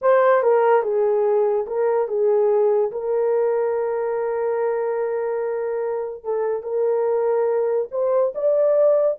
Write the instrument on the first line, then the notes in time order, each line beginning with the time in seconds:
horn
0.01 C5
0.42 A#4
0.82 G#4
1.66 A#4
2.07 G#4
2.91 A#4
6.24 A4
6.62 A#4
7.91 C5
8.34 D5